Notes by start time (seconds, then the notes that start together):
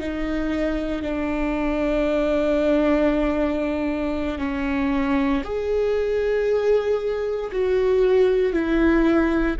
0.00 D#4
1.03 D4
4.39 C#4
5.44 G#4
7.51 F#4
8.53 E4